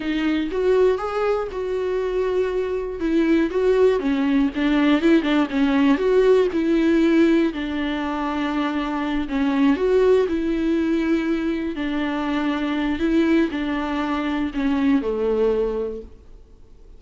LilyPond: \new Staff \with { instrumentName = "viola" } { \time 4/4 \tempo 4 = 120 dis'4 fis'4 gis'4 fis'4~ | fis'2 e'4 fis'4 | cis'4 d'4 e'8 d'8 cis'4 | fis'4 e'2 d'4~ |
d'2~ d'8 cis'4 fis'8~ | fis'8 e'2. d'8~ | d'2 e'4 d'4~ | d'4 cis'4 a2 | }